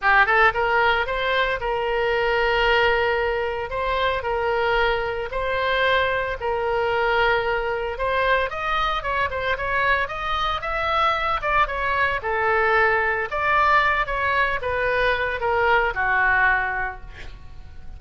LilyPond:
\new Staff \with { instrumentName = "oboe" } { \time 4/4 \tempo 4 = 113 g'8 a'8 ais'4 c''4 ais'4~ | ais'2. c''4 | ais'2 c''2 | ais'2. c''4 |
dis''4 cis''8 c''8 cis''4 dis''4 | e''4. d''8 cis''4 a'4~ | a'4 d''4. cis''4 b'8~ | b'4 ais'4 fis'2 | }